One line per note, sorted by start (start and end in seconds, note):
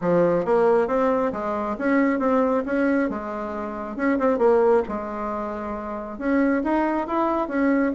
0.01 0.45 F3
0.45 0.87 A#3
0.87 1.31 C4
1.32 1.76 G#3
1.78 2.19 C#4
2.19 2.63 C4
2.65 3.09 C#4
3.09 3.96 G#3
3.96 4.18 C#4
4.18 4.38 C4
4.38 4.82 A#3
4.88 6.18 G#3
6.18 6.62 C#4
6.63 7.07 D#4
7.07 7.47 E4
7.47 7.92 C#4